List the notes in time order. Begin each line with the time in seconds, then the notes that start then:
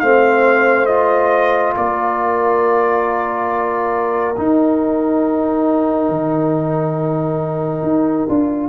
0.00 A3 C4 C5 F5
0.86 F4 D#5
1.77 A#3 A#4 D5
4.36 D#4 G5
6.09 D#3
7.83 D#4
8.29 D4 F4